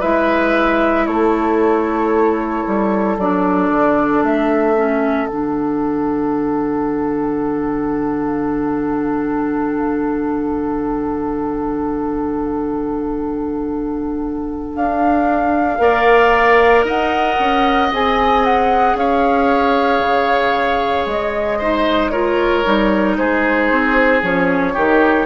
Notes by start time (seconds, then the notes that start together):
0.00 G#3 E4 B4 E5
1.07 A3 A4 C#5
2.67 G3
3.18 F#3 D4 D5
3.71 D3
4.23 A3 E5
4.76 C#4
5.27 D3 D4 F#5
14.75 D4 F5
15.79 A#3 A#4 D5
16.84 D#4 D#5 F#5
17.39 C#4
17.92 C4 G#4 G#5
18.45 F#5
18.95 C#4 C#5 F5
20.00 C#3
21.06 G#3 D#5
21.59 D#4 C5
22.10 F4 A#4 C#5
22.64 G3 D#4
23.18 G#3 G#4 C5
23.71 C4
24.22 F3 C#4 C#5
24.74 D#3 D#4 G4